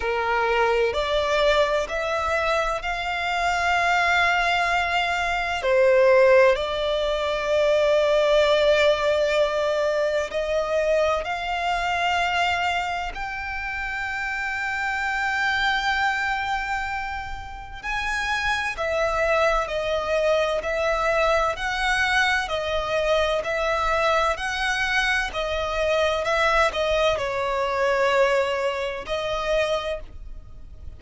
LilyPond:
\new Staff \with { instrumentName = "violin" } { \time 4/4 \tempo 4 = 64 ais'4 d''4 e''4 f''4~ | f''2 c''4 d''4~ | d''2. dis''4 | f''2 g''2~ |
g''2. gis''4 | e''4 dis''4 e''4 fis''4 | dis''4 e''4 fis''4 dis''4 | e''8 dis''8 cis''2 dis''4 | }